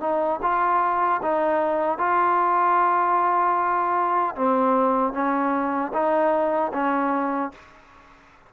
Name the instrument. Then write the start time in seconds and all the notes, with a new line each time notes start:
trombone
0.00 D#4
0.42 F4
1.22 D#4
1.98 F4
4.35 C4
5.12 C#4
5.93 D#4
6.72 C#4